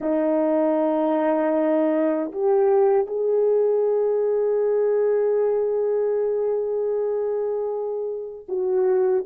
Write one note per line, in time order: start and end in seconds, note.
0.00 2.31 D#4
2.31 3.06 G4
3.06 8.45 G#4
8.48 9.25 F#4